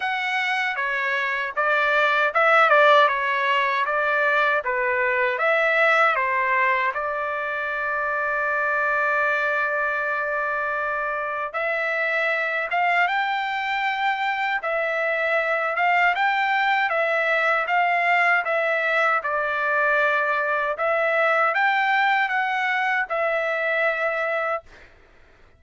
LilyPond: \new Staff \with { instrumentName = "trumpet" } { \time 4/4 \tempo 4 = 78 fis''4 cis''4 d''4 e''8 d''8 | cis''4 d''4 b'4 e''4 | c''4 d''2.~ | d''2. e''4~ |
e''8 f''8 g''2 e''4~ | e''8 f''8 g''4 e''4 f''4 | e''4 d''2 e''4 | g''4 fis''4 e''2 | }